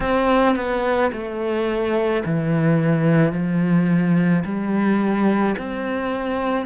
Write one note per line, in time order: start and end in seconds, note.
0.00 0.55 C4
0.55 1.11 B3
1.12 2.23 A3
2.25 3.32 E3
3.32 4.43 F3
4.44 5.56 G3
5.58 6.66 C4